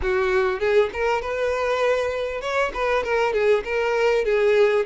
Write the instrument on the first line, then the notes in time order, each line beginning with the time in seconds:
violin
0.02 F#4
0.59 G#4
0.93 A#4
1.21 B4
2.41 C#5
2.74 B4
3.03 A#4
3.33 G#4
3.64 A#4
4.25 G#4